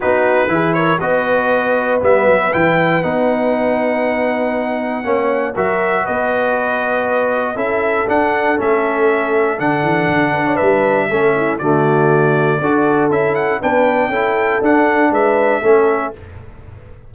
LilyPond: <<
  \new Staff \with { instrumentName = "trumpet" } { \time 4/4 \tempo 4 = 119 b'4. cis''8 dis''2 | e''4 g''4 fis''2~ | fis''2. e''4 | dis''2. e''4 |
fis''4 e''2 fis''4~ | fis''4 e''2 d''4~ | d''2 e''8 fis''8 g''4~ | g''4 fis''4 e''2 | }
  \new Staff \with { instrumentName = "horn" } { \time 4/4 fis'4 gis'8 ais'8 b'2~ | b'1~ | b'2 cis''4 ais'4 | b'2. a'4~ |
a'1~ | a'8 b'16 cis''16 b'4 a'8 e'8 fis'4~ | fis'4 a'2 b'4 | a'2 b'4 a'4 | }
  \new Staff \with { instrumentName = "trombone" } { \time 4/4 dis'4 e'4 fis'2 | b4 e'4 dis'2~ | dis'2 cis'4 fis'4~ | fis'2. e'4 |
d'4 cis'2 d'4~ | d'2 cis'4 a4~ | a4 fis'4 e'4 d'4 | e'4 d'2 cis'4 | }
  \new Staff \with { instrumentName = "tuba" } { \time 4/4 b4 e4 b2 | g8 fis8 e4 b2~ | b2 ais4 fis4 | b2. cis'4 |
d'4 a2 d8 e8 | d4 g4 a4 d4~ | d4 d'4 cis'4 b4 | cis'4 d'4 gis4 a4 | }
>>